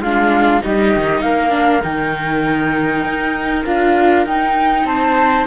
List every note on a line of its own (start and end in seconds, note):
0.00 0.61 G#3
0.00 0.63 D4
0.00 0.63 F4
0.00 0.63 F5
0.63 0.96 G3
0.63 1.50 D#4
0.63 1.24 G4
0.63 1.22 D#5
0.96 1.21 D#3
1.21 1.82 A#3
1.21 4.88 A#4
1.21 1.82 F5
1.50 1.81 D4
1.82 3.04 D#3
1.82 3.64 D#4
1.82 3.65 G5
3.04 3.65 D#4
3.65 4.26 D4
3.65 4.27 F4
3.65 4.26 F5
4.26 4.85 D#4
4.26 5.47 D#4
4.26 4.86 G5
4.85 5.46 C4
4.85 5.47 C5
4.85 5.47 A5